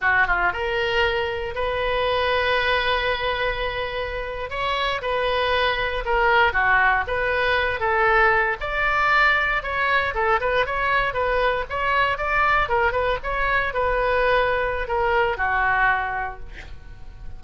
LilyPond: \new Staff \with { instrumentName = "oboe" } { \time 4/4 \tempo 4 = 117 fis'8 f'8 ais'2 b'4~ | b'1~ | b'8. cis''4 b'2 ais'16~ | ais'8. fis'4 b'4. a'8.~ |
a'8. d''2 cis''4 a'16~ | a'16 b'8 cis''4 b'4 cis''4 d''16~ | d''8. ais'8 b'8 cis''4 b'4~ b'16~ | b'4 ais'4 fis'2 | }